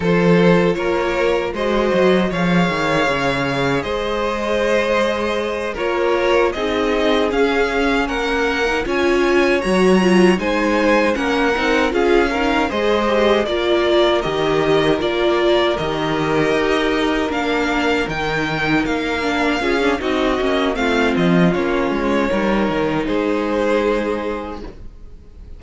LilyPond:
<<
  \new Staff \with { instrumentName = "violin" } { \time 4/4 \tempo 4 = 78 c''4 cis''4 dis''4 f''4~ | f''4 dis''2~ dis''8 cis''8~ | cis''8 dis''4 f''4 fis''4 gis''8~ | gis''8 ais''4 gis''4 fis''4 f''8~ |
f''8 dis''4 d''4 dis''4 d''8~ | d''8 dis''2 f''4 g''8~ | g''8 f''4. dis''4 f''8 dis''8 | cis''2 c''2 | }
  \new Staff \with { instrumentName = "violin" } { \time 4/4 a'4 ais'4 c''4 cis''4~ | cis''4 c''2~ c''8 ais'8~ | ais'8 gis'2 ais'4 cis''8~ | cis''4. c''4 ais'4 gis'8 |
ais'8 c''4 ais'2~ ais'8~ | ais'1~ | ais'4. gis'8 fis'4 f'4~ | f'4 ais'4 gis'2 | }
  \new Staff \with { instrumentName = "viola" } { \time 4/4 f'2 fis'4 gis'4~ | gis'2.~ gis'8 f'8~ | f'8 dis'4 cis'4.~ cis'16 dis'16 f'8~ | f'8 fis'8 f'8 dis'4 cis'8 dis'8 f'8 |
dis8 gis'8 g'8 f'4 g'4 f'8~ | f'8 g'2 d'4 dis'8~ | dis'4 d'8 f'16 d'16 dis'8 cis'8 c'4 | cis'4 dis'2. | }
  \new Staff \with { instrumentName = "cello" } { \time 4/4 f4 ais4 gis8 fis8 f8 dis8 | cis4 gis2~ gis8 ais8~ | ais8 c'4 cis'4 ais4 cis'8~ | cis'8 fis4 gis4 ais8 c'8 cis'8~ |
cis'8 gis4 ais4 dis4 ais8~ | ais8 dis4 dis'4 ais4 dis8~ | dis8 ais4 cis'8 c'8 ais8 a8 f8 | ais8 gis8 g8 dis8 gis2 | }
>>